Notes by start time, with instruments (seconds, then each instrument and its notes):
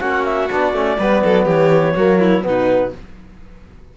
0.00 cello A#3, trombone C#4, violin F#4, clarinet F#5
0.25 clarinet E5
0.50 cello B3, trombone D4, clarinet D5
0.73 cello A3, trombone C#4
0.99 cello G3, trombone B3, violin B4
1.24 cello F#3, violin A4
1.45 cello E3, violin G4, clarinet C#5
1.95 cello F#3, trombone A#3, violin F#4
2.20 violin E4
2.42 cello B2, trombone B3, clarinet B4
2.48 violin D#4